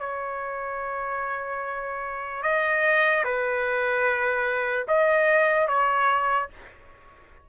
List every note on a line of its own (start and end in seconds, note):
0.00 2.43 C#5
2.43 3.24 D#5
3.24 4.86 B4
4.88 5.68 D#5
5.68 6.49 C#5